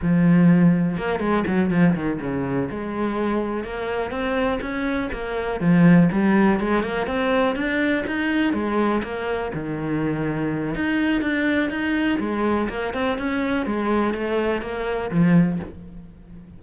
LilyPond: \new Staff \with { instrumentName = "cello" } { \time 4/4 \tempo 4 = 123 f2 ais8 gis8 fis8 f8 | dis8 cis4 gis2 ais8~ | ais8 c'4 cis'4 ais4 f8~ | f8 g4 gis8 ais8 c'4 d'8~ |
d'8 dis'4 gis4 ais4 dis8~ | dis2 dis'4 d'4 | dis'4 gis4 ais8 c'8 cis'4 | gis4 a4 ais4 f4 | }